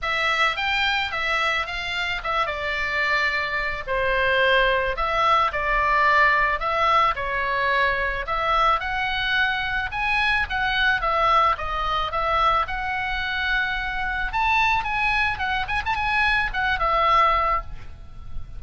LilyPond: \new Staff \with { instrumentName = "oboe" } { \time 4/4 \tempo 4 = 109 e''4 g''4 e''4 f''4 | e''8 d''2~ d''8 c''4~ | c''4 e''4 d''2 | e''4 cis''2 e''4 |
fis''2 gis''4 fis''4 | e''4 dis''4 e''4 fis''4~ | fis''2 a''4 gis''4 | fis''8 gis''16 a''16 gis''4 fis''8 e''4. | }